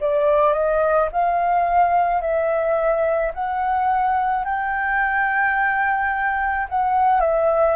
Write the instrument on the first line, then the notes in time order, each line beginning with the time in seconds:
flute
0.00 D5
0.53 D#5
1.12 F5
2.21 E5
3.34 F#5
4.44 G5
6.69 F#5
7.20 E5